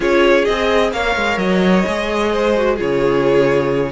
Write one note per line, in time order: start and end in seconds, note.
0.00 0.46 C#4
0.00 0.46 F4
0.00 0.90 G#4
0.00 0.44 C#5
0.44 0.92 C4
0.44 0.94 G#4
0.44 0.91 D#5
0.92 1.15 A#3
0.92 1.85 A#4
0.92 2.32 C#5
0.92 1.38 F5
1.15 1.37 G#3
1.37 1.83 F#3
1.37 2.76 D#5
1.85 2.79 G#3
1.85 2.54 G#4
2.32 2.75 C5
2.57 2.76 F#4
2.75 3.92 C#3
2.75 3.91 F4
2.75 3.91 G#4
2.75 3.92 C#5